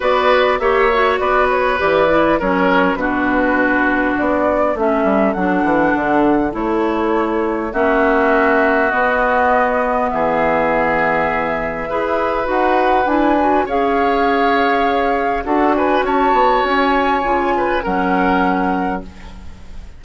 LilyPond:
<<
  \new Staff \with { instrumentName = "flute" } { \time 4/4 \tempo 4 = 101 d''4 e''4 d''8 cis''8 d''4 | cis''4 b'2 d''4 | e''4 fis''2 cis''4~ | cis''4 e''2 dis''4~ |
dis''4 e''2.~ | e''4 fis''4 gis''4 f''4~ | f''2 fis''8 gis''8 a''4 | gis''2 fis''2 | }
  \new Staff \with { instrumentName = "oboe" } { \time 4/4 b'4 cis''4 b'2 | ais'4 fis'2. | a'1~ | a'4 fis'2.~ |
fis'4 gis'2. | b'2. cis''4~ | cis''2 a'8 b'8 cis''4~ | cis''4. b'8 ais'2 | }
  \new Staff \with { instrumentName = "clarinet" } { \time 4/4 fis'4 g'8 fis'4. g'8 e'8 | cis'4 d'2. | cis'4 d'2 e'4~ | e'4 cis'2 b4~ |
b1 | gis'4 fis'4 e'8 fis'8 gis'4~ | gis'2 fis'2~ | fis'4 f'4 cis'2 | }
  \new Staff \with { instrumentName = "bassoon" } { \time 4/4 b4 ais4 b4 e4 | fis4 b,2 b4 | a8 g8 fis8 e8 d4 a4~ | a4 ais2 b4~ |
b4 e2. | e'4 dis'4 d'4 cis'4~ | cis'2 d'4 cis'8 b8 | cis'4 cis4 fis2 | }
>>